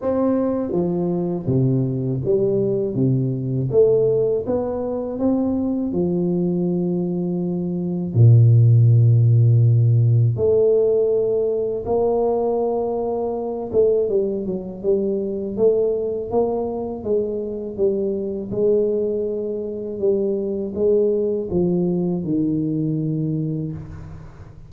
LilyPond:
\new Staff \with { instrumentName = "tuba" } { \time 4/4 \tempo 4 = 81 c'4 f4 c4 g4 | c4 a4 b4 c'4 | f2. ais,4~ | ais,2 a2 |
ais2~ ais8 a8 g8 fis8 | g4 a4 ais4 gis4 | g4 gis2 g4 | gis4 f4 dis2 | }